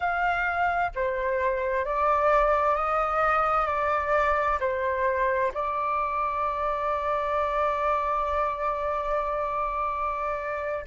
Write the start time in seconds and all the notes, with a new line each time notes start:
0.00 F5
0.95 C5
1.85 D5
2.75 D#5
3.66 D5
4.59 C5
5.53 D5